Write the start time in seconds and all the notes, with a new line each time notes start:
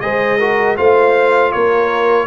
0.00 G#3 G#4 C5 D#5
0.38 F#4 A#4
0.76 A3 F4 C5 F5
1.52 A#3 A#4 C#5